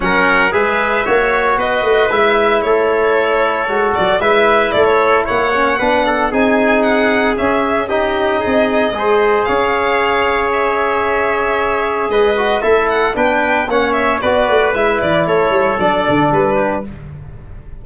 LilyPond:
<<
  \new Staff \with { instrumentName = "violin" } { \time 4/4 \tempo 4 = 114 fis''4 e''2 dis''4 | e''4 cis''2~ cis''8 d''8 | e''4 d''16 cis''8. fis''2 | gis''4 fis''4 e''4 dis''4~ |
dis''2 f''2 | e''2. dis''4 | e''8 fis''8 g''4 fis''8 e''8 d''4 | e''8 d''8 cis''4 d''4 b'4 | }
  \new Staff \with { instrumentName = "trumpet" } { \time 4/4 ais'4 b'4 cis''4 b'4~ | b'4 a'2. | b'4 a'4 cis''4 b'8 a'8 | gis'2. g'4 |
gis'4 c''4 cis''2~ | cis''2. b'4 | a'4 b'4 cis''4 b'4~ | b'4 a'2~ a'8 g'8 | }
  \new Staff \with { instrumentName = "trombone" } { \time 4/4 cis'4 gis'4 fis'2 | e'2. fis'4 | e'2~ e'8 cis'8 d'4 | dis'2 cis'4 dis'4~ |
dis'4 gis'2.~ | gis'2.~ gis'8 fis'8 | e'4 d'4 cis'4 fis'4 | e'2 d'2 | }
  \new Staff \with { instrumentName = "tuba" } { \time 4/4 fis4 gis4 ais4 b8 a8 | gis4 a2 gis8 fis8 | gis4 a4 ais4 b4 | c'2 cis'2 |
c'4 gis4 cis'2~ | cis'2. gis4 | a4 b4 ais4 b8 a8 | gis8 e8 a8 g8 fis8 d8 g4 | }
>>